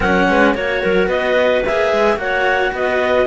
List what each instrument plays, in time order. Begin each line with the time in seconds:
0.00 cello F#3 C#4, clarinet A#4 F#5
0.28 cello G#3, clarinet B4
0.53 cello A#3 F#4, clarinet C#5
0.82 cello F#3, clarinet A#4
1.06 cello B3, clarinet B4 D#5
1.65 cello A#3 G#4, clarinet E5
1.92 cello G#3
2.16 cello A#3 F#4, clarinet C#5 F#5
2.71 cello B3, clarinet B4 D#5